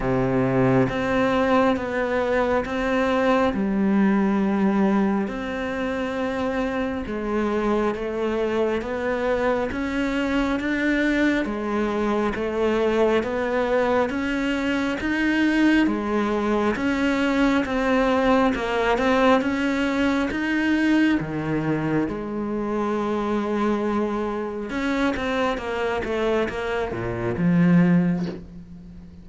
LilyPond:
\new Staff \with { instrumentName = "cello" } { \time 4/4 \tempo 4 = 68 c4 c'4 b4 c'4 | g2 c'2 | gis4 a4 b4 cis'4 | d'4 gis4 a4 b4 |
cis'4 dis'4 gis4 cis'4 | c'4 ais8 c'8 cis'4 dis'4 | dis4 gis2. | cis'8 c'8 ais8 a8 ais8 ais,8 f4 | }